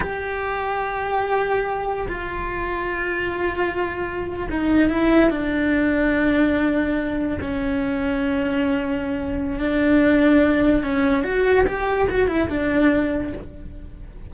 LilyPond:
\new Staff \with { instrumentName = "cello" } { \time 4/4 \tempo 4 = 144 g'1~ | g'4 f'2.~ | f'2~ f'8. dis'4 e'16~ | e'8. d'2.~ d'16~ |
d'4.~ d'16 cis'2~ cis'16~ | cis'2. d'4~ | d'2 cis'4 fis'4 | g'4 fis'8 e'8 d'2 | }